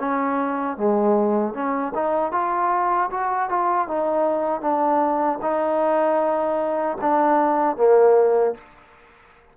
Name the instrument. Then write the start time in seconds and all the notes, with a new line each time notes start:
trombone
0.00 C#4
0.78 G#3
1.54 C#4
1.95 D#4
2.32 F4
3.11 F#4
3.50 F4
3.88 D#4
4.62 D4
5.42 D#4
7.01 D4
7.77 A#3